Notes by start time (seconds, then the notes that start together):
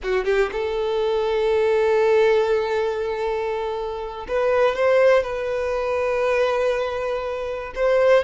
0.03 F#4
0.25 G4
0.51 A4
4.27 B4
4.75 C5
5.23 B4
7.75 C5